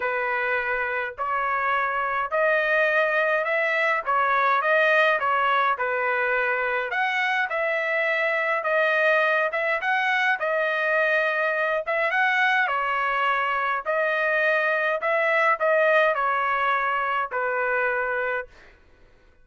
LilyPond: \new Staff \with { instrumentName = "trumpet" } { \time 4/4 \tempo 4 = 104 b'2 cis''2 | dis''2 e''4 cis''4 | dis''4 cis''4 b'2 | fis''4 e''2 dis''4~ |
dis''8 e''8 fis''4 dis''2~ | dis''8 e''8 fis''4 cis''2 | dis''2 e''4 dis''4 | cis''2 b'2 | }